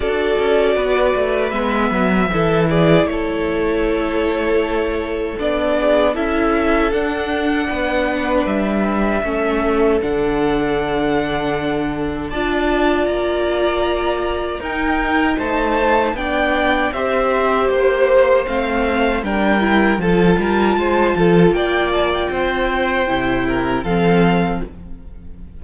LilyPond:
<<
  \new Staff \with { instrumentName = "violin" } { \time 4/4 \tempo 4 = 78 d''2 e''4. d''8 | cis''2. d''4 | e''4 fis''2 e''4~ | e''4 fis''2. |
a''4 ais''2 g''4 | a''4 g''4 e''4 c''4 | f''4 g''4 a''2 | g''8 a''16 g''2~ g''16 f''4 | }
  \new Staff \with { instrumentName = "violin" } { \time 4/4 a'4 b'2 a'8 gis'8 | a'2.~ a'8 gis'8 | a'2 b'2 | a'1 |
d''2. ais'4 | c''4 d''4 c''2~ | c''4 ais'4 a'8 ais'8 c''8 a'8 | d''4 c''4. ais'8 a'4 | }
  \new Staff \with { instrumentName = "viola" } { \time 4/4 fis'2 b4 e'4~ | e'2. d'4 | e'4 d'2. | cis'4 d'2. |
f'2. dis'4~ | dis'4 d'4 g'2 | c'4 d'8 e'8 f'2~ | f'2 e'4 c'4 | }
  \new Staff \with { instrumentName = "cello" } { \time 4/4 d'8 cis'8 b8 a8 gis8 fis8 e4 | a2. b4 | cis'4 d'4 b4 g4 | a4 d2. |
d'4 ais2 dis'4 | a4 b4 c'4 ais4 | a4 g4 f8 g8 gis8 f8 | ais4 c'4 c4 f4 | }
>>